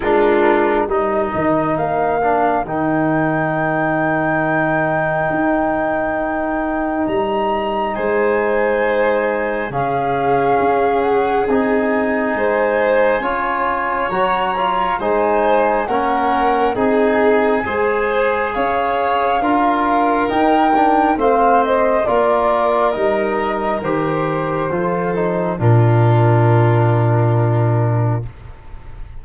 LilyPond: <<
  \new Staff \with { instrumentName = "flute" } { \time 4/4 \tempo 4 = 68 ais'4 dis''4 f''4 g''4~ | g''1 | ais''4 gis''2 f''4~ | f''8 fis''8 gis''2. |
ais''4 gis''4 fis''4 gis''4~ | gis''4 f''2 g''4 | f''8 dis''8 d''4 dis''4 c''4~ | c''4 ais'2. | }
  \new Staff \with { instrumentName = "violin" } { \time 4/4 f'4 ais'2.~ | ais'1~ | ais'4 c''2 gis'4~ | gis'2 c''4 cis''4~ |
cis''4 c''4 ais'4 gis'4 | c''4 cis''4 ais'2 | c''4 ais'2. | a'4 f'2. | }
  \new Staff \with { instrumentName = "trombone" } { \time 4/4 d'4 dis'4. d'8 dis'4~ | dis'1~ | dis'2. cis'4~ | cis'4 dis'2 f'4 |
fis'8 f'8 dis'4 cis'4 dis'4 | gis'2 f'4 dis'8 d'8 | c'4 f'4 dis'4 g'4 | f'8 dis'8 d'2. | }
  \new Staff \with { instrumentName = "tuba" } { \time 4/4 gis4 g8 dis8 ais4 dis4~ | dis2 dis'2 | g4 gis2 cis4 | cis'4 c'4 gis4 cis'4 |
fis4 gis4 ais4 c'4 | gis4 cis'4 d'4 dis'4 | a4 ais4 g4 dis4 | f4 ais,2. | }
>>